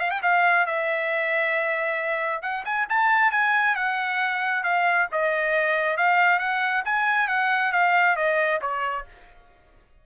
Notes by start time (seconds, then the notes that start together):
0.00 F5
0.11 G5
0.22 F5
0.66 E5
2.42 F#5
2.66 G#5
2.89 A5
3.32 G#5
3.76 F#5
4.63 F5
5.12 D#5
5.97 F5
6.39 F#5
6.85 G#5
7.28 F#5
7.72 F5
8.16 D#5
8.61 C#5